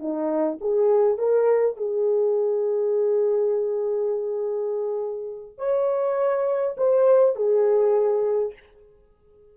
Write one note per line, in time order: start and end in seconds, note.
0.00 0.59 D#4
0.61 1.18 G#4
1.18 1.77 A#4
1.77 5.59 G#4
5.59 6.76 C#5
6.78 7.36 C5
7.36 8.53 G#4